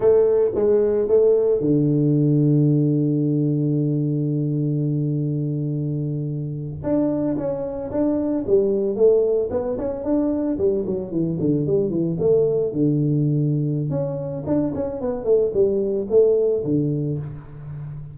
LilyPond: \new Staff \with { instrumentName = "tuba" } { \time 4/4 \tempo 4 = 112 a4 gis4 a4 d4~ | d1~ | d1~ | d8. d'4 cis'4 d'4 g16~ |
g8. a4 b8 cis'8 d'4 g16~ | g16 fis8 e8 d8 g8 e8 a4 d16~ | d2 cis'4 d'8 cis'8 | b8 a8 g4 a4 d4 | }